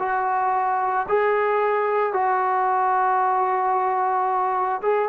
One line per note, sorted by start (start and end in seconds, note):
0.00 1.07 F#4
1.09 2.14 G#4
2.14 4.82 F#4
4.83 5.09 G#4